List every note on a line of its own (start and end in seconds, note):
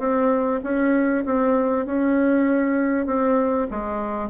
0.00 0.61 C4
0.64 1.25 C#4
1.26 1.86 C4
1.86 3.07 C#4
3.07 3.68 C4
3.71 4.30 G#3